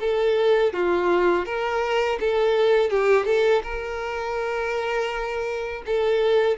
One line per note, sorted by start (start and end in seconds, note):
0.00 0.73 A4
0.73 1.45 F4
1.45 2.19 A#4
2.20 2.90 A4
2.90 3.26 G4
3.26 3.62 A4
3.63 5.82 A#4
5.86 6.58 A4